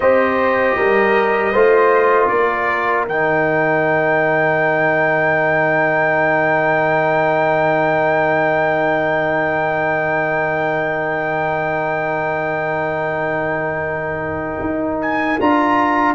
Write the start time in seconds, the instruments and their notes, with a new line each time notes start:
0.00 tuba C4, trombone G4, horn C5, trumpet D#5
0.77 tuba G3, horn A#4
1.52 tuba A3, trombone F4, horn C5
2.28 tuba A#3, horn A#4, trumpet D5
3.06 tuba D#3, trombone D#4, trumpet G5
14.60 tuba D#4
15.01 trumpet G#5
15.40 tuba D4, trombone F4, trumpet A#5